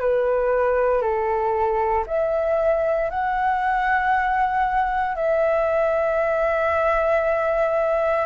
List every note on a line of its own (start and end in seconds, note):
0.00 1.02 B4
1.02 2.05 A4
2.06 3.10 E5
3.10 5.16 F#5
5.16 8.26 E5